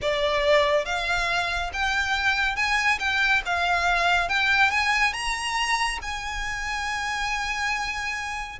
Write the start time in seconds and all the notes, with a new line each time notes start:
0.01 D5
0.85 F5
1.73 G5
2.56 G#5
2.99 G5
3.45 F5
4.28 G5
4.71 G#5
5.13 A#5
6.02 G#5